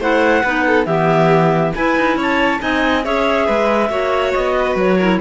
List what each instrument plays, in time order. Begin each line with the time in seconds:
0.00 cello A3, clarinet E4 F#5, violin C5
0.43 cello B3, clarinet D#4, violin B4
0.67 violin A4
0.86 cello E3, clarinet B3 E5, violin G4
1.75 clarinet E4 G#5, cello E4, violin B4
1.97 cello D#4
2.16 cello C#4, violin C#5, clarinet A5
2.59 cello C4, clarinet D#4 G#5, violin D#5
3.05 cello C#4, clarinet G#4 E5, violin C#5
3.46 cello G#3, violin B4
3.90 cello A#3, clarinet F#4, violin C#5
4.33 cello B3, clarinet D#5
4.59 violin B4
4.76 cello F#3, clarinet C#5
4.98 clarinet E4, violin A#4